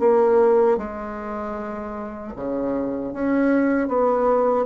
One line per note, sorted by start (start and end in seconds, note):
0.00 0.78 A#3
0.78 2.34 G#3
2.36 3.13 C#3
3.13 3.89 C#4
3.89 4.66 B3